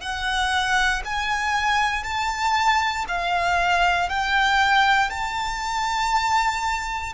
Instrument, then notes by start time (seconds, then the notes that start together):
violin
0.00 F#5
1.05 G#5
2.03 A5
3.08 F5
4.09 G5
5.10 A5